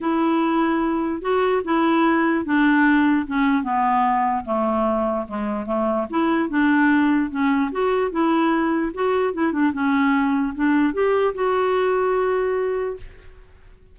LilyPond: \new Staff \with { instrumentName = "clarinet" } { \time 4/4 \tempo 4 = 148 e'2. fis'4 | e'2 d'2 | cis'4 b2 a4~ | a4 gis4 a4 e'4 |
d'2 cis'4 fis'4 | e'2 fis'4 e'8 d'8 | cis'2 d'4 g'4 | fis'1 | }